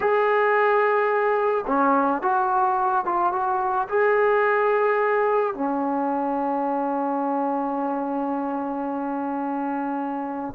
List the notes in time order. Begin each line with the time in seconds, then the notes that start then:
0.00 G#4
1.66 C#4
2.22 F#4
3.05 F4
3.32 F#4
3.88 G#4
5.54 C#4